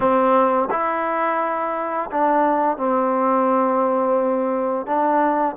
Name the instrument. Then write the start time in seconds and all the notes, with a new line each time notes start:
trombone
0.00 C4
0.70 E4
2.10 D4
2.77 C4
4.86 D4